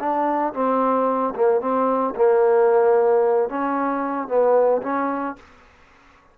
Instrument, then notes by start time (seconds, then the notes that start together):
trombone
0.00 D4
0.54 C4
1.35 A#3
1.61 C4
2.16 A#3
3.49 C#4
4.28 B3
4.83 C#4